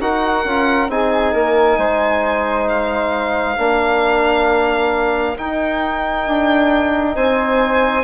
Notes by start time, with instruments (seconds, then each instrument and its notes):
0.00 bassoon D#4, trombone F#4, flute A#4, violin F#5
0.45 bassoon C#4, trombone F4
0.89 bassoon C4, trombone D#4, flute G#4, violin G#5
1.33 bassoon A#3, flute A#4
1.78 bassoon G#3, flute C5
2.68 violin F5
3.57 bassoon A#3, trombone D4, flute A#4
5.37 trombone D#4, bassoon D#4, violin G5
6.27 bassoon D4
7.15 bassoon C4, flute C5, violin G#5